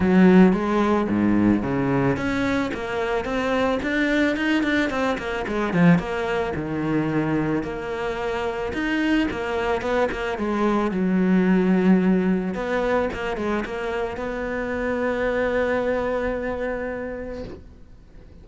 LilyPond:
\new Staff \with { instrumentName = "cello" } { \time 4/4 \tempo 4 = 110 fis4 gis4 gis,4 cis4 | cis'4 ais4 c'4 d'4 | dis'8 d'8 c'8 ais8 gis8 f8 ais4 | dis2 ais2 |
dis'4 ais4 b8 ais8 gis4 | fis2. b4 | ais8 gis8 ais4 b2~ | b1 | }